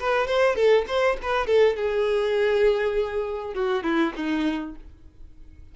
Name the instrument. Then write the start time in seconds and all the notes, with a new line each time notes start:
violin
0.00 B4
0.27 C5
0.56 A4
0.88 C5
1.22 B4
1.47 A4
1.77 G#4
3.54 F#4
3.84 E4
4.16 D#4